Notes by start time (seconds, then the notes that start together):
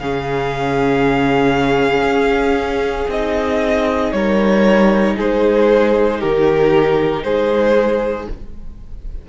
0.00 C#3 C#4 G#4 F5
2.04 C#4
3.09 C4 D#4 D#5
4.12 G3 A#4 C#5
5.17 G#3 G#4 C5
6.20 D#3 G4 A#4
7.23 G#3 G#4 C5